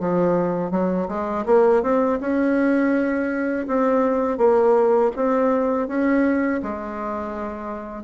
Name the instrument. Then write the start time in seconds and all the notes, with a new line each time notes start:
bassoon
0.00 F3
0.71 F#3
1.08 G#3
1.46 A#3
1.83 C4
2.21 C#4
3.68 C4
4.38 A#3
5.16 C4
5.88 C#4
6.63 G#3